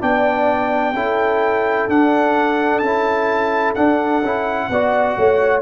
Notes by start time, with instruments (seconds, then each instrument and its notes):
0.00 tuba B3, trombone D4, horn D5, trumpet G5
0.94 tuba C#4, trombone E4, horn A4
1.89 tuba D4, trombone D4, trumpet F#5
2.79 tuba C#4, trumpet A5
2.86 trombone E4
3.75 trombone D4, tuba D4, trumpet F#5
4.22 tuba C#4, trombone E4
4.70 tuba B3, trombone F#4, horn D5
5.18 tuba A3, horn C#5